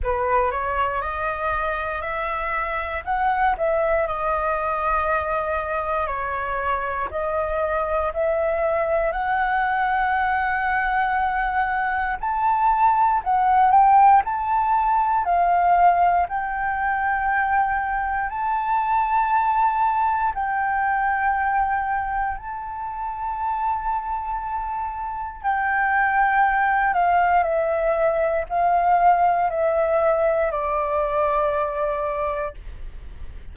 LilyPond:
\new Staff \with { instrumentName = "flute" } { \time 4/4 \tempo 4 = 59 b'8 cis''8 dis''4 e''4 fis''8 e''8 | dis''2 cis''4 dis''4 | e''4 fis''2. | a''4 fis''8 g''8 a''4 f''4 |
g''2 a''2 | g''2 a''2~ | a''4 g''4. f''8 e''4 | f''4 e''4 d''2 | }